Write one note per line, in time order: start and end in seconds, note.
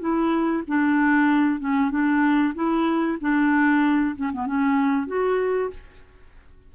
0.00 0.63 E4
0.67 1.60 D4
1.60 1.91 C#4
1.91 2.54 D4
2.55 3.18 E4
3.21 4.15 D4
4.16 4.32 C#4
4.33 4.47 B3
4.47 5.08 C#4
5.08 5.71 F#4